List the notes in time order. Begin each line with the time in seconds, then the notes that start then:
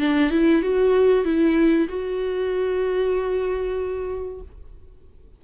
0.00 D4
0.31 E4
0.62 F#4
1.25 E4
1.89 F#4